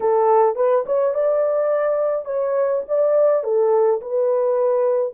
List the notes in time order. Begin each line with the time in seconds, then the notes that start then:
0.00 A4
0.55 B4
0.86 C#5
1.14 D5
2.25 C#5
2.88 D5
3.43 A4
4.01 B4